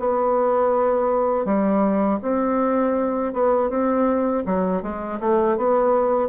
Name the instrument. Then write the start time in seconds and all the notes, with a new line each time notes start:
bassoon
0.00 B3
1.45 G3
2.23 C4
3.34 B3
3.70 C4
4.46 F#3
4.83 G#3
5.21 A3
5.58 B3